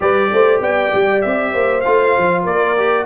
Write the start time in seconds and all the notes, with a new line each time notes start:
0.00 G3 G4 B4 D5
0.32 A3 C5
0.60 B3 D5 G5
0.94 G3
1.21 C4 E5
1.52 A#3 C5
1.80 A3 F4 F5
2.17 F3
2.43 A#3 A#4 D5
2.77 G4